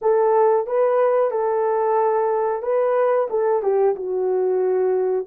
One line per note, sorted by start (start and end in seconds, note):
0.01 0.66 A4
0.66 1.30 B4
1.30 2.62 A4
2.62 3.28 B4
3.30 3.62 A4
3.62 3.95 G4
3.95 5.26 F#4